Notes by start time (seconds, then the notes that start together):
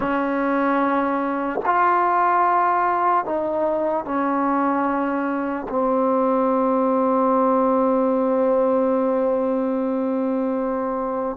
0.00 C#4
1.65 F4
3.25 D#4
4.04 C#4
5.69 C4